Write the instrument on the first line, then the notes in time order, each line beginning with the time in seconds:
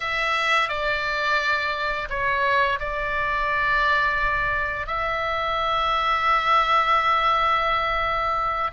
oboe
0.00 E5
0.68 D5
2.09 C#5
2.79 D5
4.86 E5